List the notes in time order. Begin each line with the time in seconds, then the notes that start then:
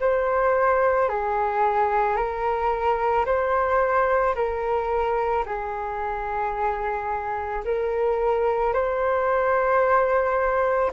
0.00 C5
1.09 G#4
2.16 A#4
3.25 C5
4.35 A#4
5.45 G#4
7.64 A#4
8.73 C5